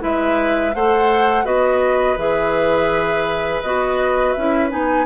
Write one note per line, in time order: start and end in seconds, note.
0.00 0.75 G#3
0.00 0.72 E4
0.00 0.75 B4
0.00 0.75 E5
0.75 1.45 A3
0.75 1.44 A4
0.75 1.45 C5
0.75 1.45 F#5
1.44 2.17 B3
1.44 2.17 F#4
1.44 5.06 B4
1.44 2.18 D#5
2.17 3.62 E3
2.17 3.63 G#4
2.17 3.63 E5
3.63 4.36 B3
3.63 4.37 F#4
3.63 4.33 D#5
4.33 4.72 C#4
4.33 4.70 E4
4.33 4.69 E5
4.70 5.06 B3
4.70 5.06 D#4
4.70 5.06 G#5